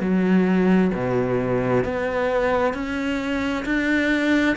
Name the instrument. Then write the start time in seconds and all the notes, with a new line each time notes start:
cello
0.00 F#3
0.94 B2
1.84 B3
2.74 C#4
3.65 D4